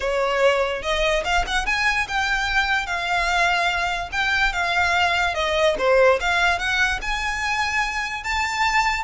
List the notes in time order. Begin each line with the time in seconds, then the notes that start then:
0.00 C#5
0.82 D#5
1.24 F5
1.46 F#5
1.66 G#5
2.08 G5
2.86 F5
4.12 G5
4.53 F5
5.34 D#5
5.78 C5
6.20 F5
6.58 F#5
7.01 G#5
8.23 A5